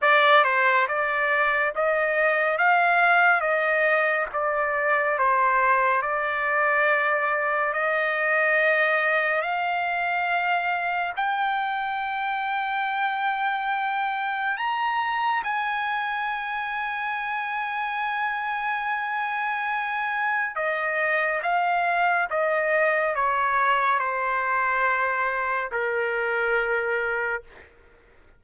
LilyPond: \new Staff \with { instrumentName = "trumpet" } { \time 4/4 \tempo 4 = 70 d''8 c''8 d''4 dis''4 f''4 | dis''4 d''4 c''4 d''4~ | d''4 dis''2 f''4~ | f''4 g''2.~ |
g''4 ais''4 gis''2~ | gis''1 | dis''4 f''4 dis''4 cis''4 | c''2 ais'2 | }